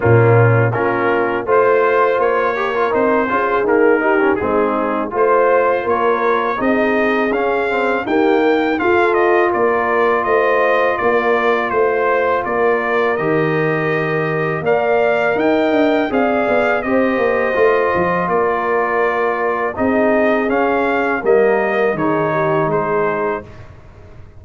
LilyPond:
<<
  \new Staff \with { instrumentName = "trumpet" } { \time 4/4 \tempo 4 = 82 f'4 ais'4 c''4 cis''4 | c''4 ais'4 gis'4 c''4 | cis''4 dis''4 f''4 g''4 | f''8 dis''8 d''4 dis''4 d''4 |
c''4 d''4 dis''2 | f''4 g''4 f''4 dis''4~ | dis''4 d''2 dis''4 | f''4 dis''4 cis''4 c''4 | }
  \new Staff \with { instrumentName = "horn" } { \time 4/4 cis'4 f'4 c''4. ais'8~ | ais'8 gis'4 g'8 dis'4 c''4 | ais'4 gis'2 g'8 ais'8 | a'4 ais'4 c''4 ais'4 |
c''4 ais'2. | d''4 dis''4 d''4 c''4~ | c''4 ais'2 gis'4~ | gis'4 ais'4 gis'8 g'8 gis'4 | }
  \new Staff \with { instrumentName = "trombone" } { \time 4/4 ais4 cis'4 f'4. g'16 f'16 | dis'8 f'8 ais8 dis'16 cis'16 c'4 f'4~ | f'4 dis'4 cis'8 c'8 ais4 | f'1~ |
f'2 g'2 | ais'2 gis'4 g'4 | f'2. dis'4 | cis'4 ais4 dis'2 | }
  \new Staff \with { instrumentName = "tuba" } { \time 4/4 ais,4 ais4 a4 ais4 | c'8 cis'8 dis'4 gis4 a4 | ais4 c'4 cis'4 dis'4 | f'4 ais4 a4 ais4 |
a4 ais4 dis2 | ais4 dis'8 d'8 c'8 b8 c'8 ais8 | a8 f8 ais2 c'4 | cis'4 g4 dis4 gis4 | }
>>